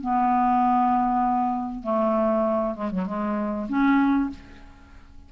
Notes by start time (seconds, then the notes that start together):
0.00 B3
1.83 A3
2.75 G#3
2.91 F#3
3.06 G#3
3.68 C#4